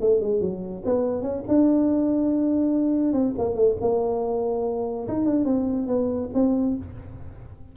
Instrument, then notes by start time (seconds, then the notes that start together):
tuba
0.00 A3
0.21 G#3
0.40 F#3
0.85 B3
1.22 C#4
1.48 D4
3.12 C4
3.38 A#3
3.55 A3
3.80 A#3
5.08 D#4
5.25 D4
5.44 C4
5.87 B3
6.34 C4